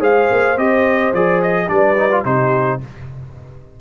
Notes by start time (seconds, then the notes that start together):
0.00 G#3 G#4 C5 F5
0.31 A#3
0.57 C4 G4 D#5
1.13 F3 G#4 D5
1.42 D#5
1.68 G3 D4 B4 D5
1.96 D#4
2.11 F4
2.25 C3 D#4 G4 C5